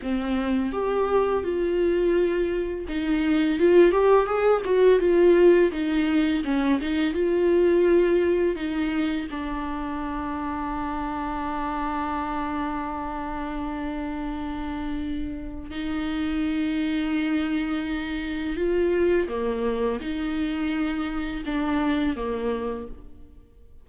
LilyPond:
\new Staff \with { instrumentName = "viola" } { \time 4/4 \tempo 4 = 84 c'4 g'4 f'2 | dis'4 f'8 g'8 gis'8 fis'8 f'4 | dis'4 cis'8 dis'8 f'2 | dis'4 d'2.~ |
d'1~ | d'2 dis'2~ | dis'2 f'4 ais4 | dis'2 d'4 ais4 | }